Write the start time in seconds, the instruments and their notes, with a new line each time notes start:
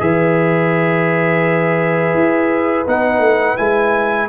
0.00 tuba E3, trombone G#4, horn B4, trumpet E5
2.14 tuba E4
2.87 tuba B3, trombone D#4, trumpet F#5
3.19 tuba A3
3.57 tuba G#3, trombone E4, trumpet G#5